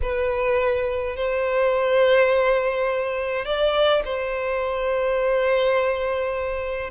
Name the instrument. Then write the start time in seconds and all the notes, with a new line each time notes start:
violin
0.02 B4
1.16 C5
3.45 D5
4.04 C5